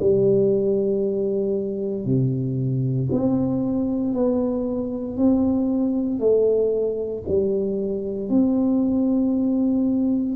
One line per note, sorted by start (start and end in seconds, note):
0.00 2.05 G3
2.05 3.08 C3
3.11 4.13 C4
4.13 5.17 B3
5.17 6.19 C4
6.19 7.23 A3
7.28 8.29 G3
8.29 10.35 C4